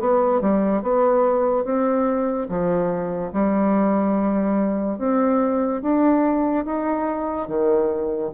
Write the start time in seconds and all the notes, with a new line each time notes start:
0.00 B3
0.41 G3
0.83 B3
1.65 C4
2.49 F3
3.33 G3
4.98 C4
5.82 D4
6.65 D#4
7.48 D#3